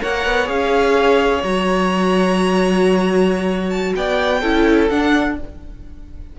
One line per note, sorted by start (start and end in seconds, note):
0.00 0.25 A#3
0.00 0.45 A#4
0.00 3.94 C#5
0.00 0.49 F#5
0.25 0.47 B3
0.45 1.43 C#4
0.45 1.41 G#4
0.45 1.43 F5
1.43 3.93 F#3
1.43 4.42 F#4
1.43 3.70 A#5
3.70 3.93 A5
3.95 4.42 B3
3.95 4.40 D5
3.95 4.89 G5
4.40 4.90 C#4
4.40 4.90 E4
4.40 5.35 A4
4.89 5.38 D4
4.89 5.39 D4
4.89 5.36 F#5